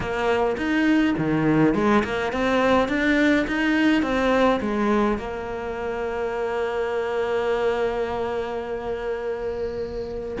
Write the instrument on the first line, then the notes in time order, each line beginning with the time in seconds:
cello
0.00 A#3
0.57 D#4
1.18 D#3
1.74 G#3
2.03 A#3
2.32 C4
2.88 D4
3.47 D#4
4.02 C4
4.60 G#3
5.18 A#3